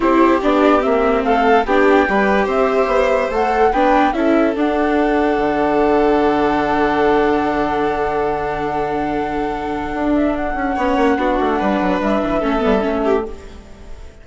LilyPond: <<
  \new Staff \with { instrumentName = "flute" } { \time 4/4 \tempo 4 = 145 c''4 d''4 e''4 f''4 | g''2 e''2 | fis''4 g''4 e''4 fis''4~ | fis''1~ |
fis''1~ | fis''1~ | fis''8 e''8 fis''2.~ | fis''4 e''2. | }
  \new Staff \with { instrumentName = "violin" } { \time 4/4 g'2. a'4 | g'4 b'4 c''2~ | c''4 b'4 a'2~ | a'1~ |
a'1~ | a'1~ | a'2 cis''4 fis'4 | b'2 a'4. g'8 | }
  \new Staff \with { instrumentName = "viola" } { \time 4/4 e'4 d'4 c'2 | d'4 g'2. | a'4 d'4 e'4 d'4~ | d'1~ |
d'1~ | d'1~ | d'2 cis'4 d'4~ | d'2 cis'8 b8 cis'4 | }
  \new Staff \with { instrumentName = "bassoon" } { \time 4/4 c'4 b4 ais4 a4 | b4 g4 c'4 b4 | a4 b4 cis'4 d'4~ | d'4 d2.~ |
d1~ | d1 | d'4. cis'8 b8 ais8 b8 a8 | g8 fis8 g8 e8 a8 g8 a4 | }
>>